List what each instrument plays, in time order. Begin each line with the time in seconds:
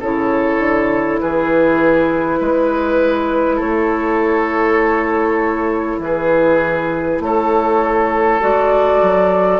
0.00 bassoon C#3, clarinet E4, oboe A4, flute C#5
0.58 bassoon D3
1.20 bassoon E3, oboe G#4, flute B4
2.40 bassoon G#3, oboe B4
3.56 bassoon A3, oboe A4, flute C#5
5.99 bassoon E3, oboe G#4, flute B4
7.20 bassoon A3, oboe A4, flute C#5
8.41 bassoon G#3, clarinet F#4, flute D5
9.02 bassoon F#3